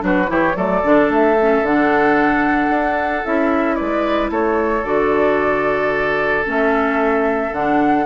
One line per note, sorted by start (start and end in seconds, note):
0.00 0.29 F#3
0.00 0.27 D4
0.00 0.31 F#4
0.00 0.32 B4
0.28 0.56 E3
0.28 0.54 E4
0.28 0.56 G4
0.28 0.57 C#5
0.55 0.83 F#3
0.55 0.82 A3
0.55 3.77 A4
0.55 1.10 D5
0.84 1.10 D3
0.84 1.37 D4
1.10 1.62 A3
1.10 1.66 E5
1.41 1.65 C#4
1.62 2.69 D3
1.62 3.24 D4
1.62 3.26 F#5
2.69 3.23 D4
3.24 3.80 C#4
3.24 4.85 E4
3.24 3.76 E5
3.76 4.30 G#3
3.76 4.31 B4
3.76 4.29 D5
4.30 4.84 A3
4.30 8.06 A4
4.30 4.85 C#5
4.84 6.45 D3
4.84 6.45 F#4
4.84 6.45 D5
6.45 7.53 A3
6.45 7.52 C#4
6.51 7.54 E5
7.53 8.06 D3
7.53 8.06 D4
7.53 8.06 F#5